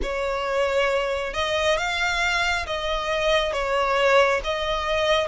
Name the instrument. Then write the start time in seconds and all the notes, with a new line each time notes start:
violin
0.02 C#5
1.33 D#5
1.77 F5
2.66 D#5
3.52 C#5
4.44 D#5